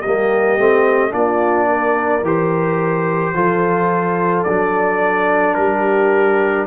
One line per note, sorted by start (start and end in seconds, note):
0.00 0.58 G3
0.00 0.58 A#3
0.00 1.11 G4
0.00 1.12 D#5
0.58 1.12 A3
0.58 1.10 C4
1.10 2.22 A#3
1.10 2.21 D4
1.10 1.68 F4
1.10 2.24 D5
1.68 3.34 A#4
2.22 3.33 E3
2.22 3.34 G4
2.22 4.43 C5
3.34 4.45 F3
3.34 4.46 F4
3.34 5.57 A4
4.43 5.56 F#3
4.43 6.66 D4
4.43 5.54 D5
5.54 6.66 G3
5.54 6.66 G4
5.54 6.65 A#4